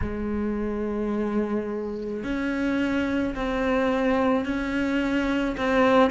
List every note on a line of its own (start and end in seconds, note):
0.01 2.23 G#3
2.23 3.34 C#4
3.35 4.44 C4
4.44 5.56 C#4
5.57 6.10 C4